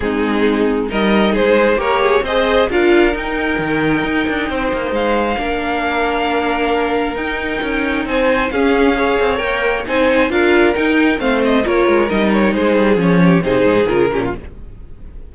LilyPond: <<
  \new Staff \with { instrumentName = "violin" } { \time 4/4 \tempo 4 = 134 gis'2 dis''4 c''4 | ais'8 gis'8 dis''4 f''4 g''4~ | g''2. f''4~ | f''1 |
g''2 gis''4 f''4~ | f''4 g''4 gis''4 f''4 | g''4 f''8 dis''8 cis''4 dis''8 cis''8 | c''4 cis''4 c''4 ais'4 | }
  \new Staff \with { instrumentName = "violin" } { \time 4/4 dis'2 ais'4 gis'4 | cis''4 c''4 ais'2~ | ais'2 c''2 | ais'1~ |
ais'2 c''4 gis'4 | cis''2 c''4 ais'4~ | ais'4 c''4 ais'2 | gis'4. g'8 gis'4. g'16 f'16 | }
  \new Staff \with { instrumentName = "viola" } { \time 4/4 c'2 dis'2 | g'4 gis'4 f'4 dis'4~ | dis'1 | d'1 |
dis'2. cis'4 | gis'4 ais'4 dis'4 f'4 | dis'4 c'4 f'4 dis'4~ | dis'4 cis'4 dis'4 f'8 cis'8 | }
  \new Staff \with { instrumentName = "cello" } { \time 4/4 gis2 g4 gis4 | ais4 c'4 d'4 dis'4 | dis4 dis'8 d'8 c'8 ais8 gis4 | ais1 |
dis'4 cis'4 c'4 cis'4~ | cis'8 c'8 ais4 c'4 d'4 | dis'4 a4 ais8 gis8 g4 | gis8 g8 f4 c8 gis,8 cis8 ais,8 | }
>>